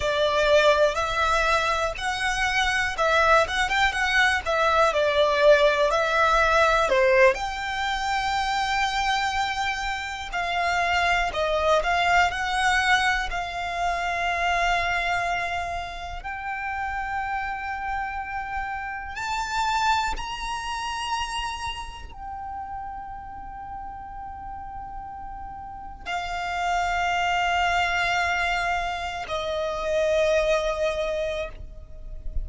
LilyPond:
\new Staff \with { instrumentName = "violin" } { \time 4/4 \tempo 4 = 61 d''4 e''4 fis''4 e''8 fis''16 g''16 | fis''8 e''8 d''4 e''4 c''8 g''8~ | g''2~ g''8 f''4 dis''8 | f''8 fis''4 f''2~ f''8~ |
f''8 g''2. a''8~ | a''8 ais''2 g''4.~ | g''2~ g''8 f''4.~ | f''4.~ f''16 dis''2~ dis''16 | }